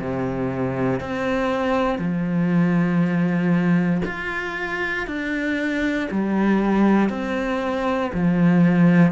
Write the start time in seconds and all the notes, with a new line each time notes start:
0.00 C3
1.00 C4
1.99 F3
4.05 F4
5.07 D4
6.11 G3
7.10 C4
8.14 F3